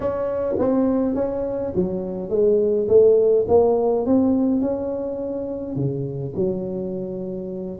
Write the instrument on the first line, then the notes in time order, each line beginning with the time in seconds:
tuba
0.00 C#4
0.58 C4
1.15 C#4
1.75 F#3
2.29 G#3
2.88 A3
3.48 A#3
4.05 C4
4.61 C#4
5.75 C#3
6.35 F#3